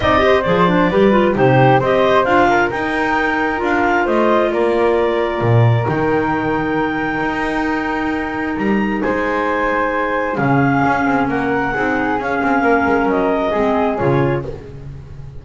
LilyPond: <<
  \new Staff \with { instrumentName = "clarinet" } { \time 4/4 \tempo 4 = 133 dis''4 d''2 c''4 | dis''4 f''4 g''2 | f''4 dis''4 d''2~ | d''4 g''2.~ |
g''2. ais''4 | gis''2. f''4~ | f''4 fis''2 f''4~ | f''4 dis''2 cis''4 | }
  \new Staff \with { instrumentName = "flute" } { \time 4/4 d''8 c''4. b'4 g'4 | c''4. ais'2~ ais'8~ | ais'4 c''4 ais'2~ | ais'1~ |
ais'1 | c''2. gis'4~ | gis'4 ais'4 gis'2 | ais'2 gis'2 | }
  \new Staff \with { instrumentName = "clarinet" } { \time 4/4 dis'8 g'8 gis'8 d'8 g'8 f'8 dis'4 | g'4 f'4 dis'2 | f'1~ | f'4 dis'2.~ |
dis'1~ | dis'2. cis'4~ | cis'2 dis'4 cis'4~ | cis'2 c'4 f'4 | }
  \new Staff \with { instrumentName = "double bass" } { \time 4/4 c'4 f4 g4 c4 | c'4 d'4 dis'2 | d'4 a4 ais2 | ais,4 dis2. |
dis'2. g4 | gis2. cis4 | cis'8 c'8 ais4 c'4 cis'8 c'8 | ais8 gis8 fis4 gis4 cis4 | }
>>